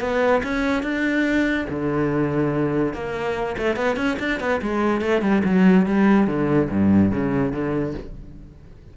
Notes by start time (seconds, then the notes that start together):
0.00 B3
0.43 C#4
0.83 D4
1.69 D3
2.93 A#3
3.57 A3
3.76 B3
3.96 C#4
4.19 D4
4.40 B3
4.62 G#3
5.01 A3
5.21 G3
5.44 F#3
5.86 G3
6.27 D3
6.70 G2
7.11 C#3
7.52 D3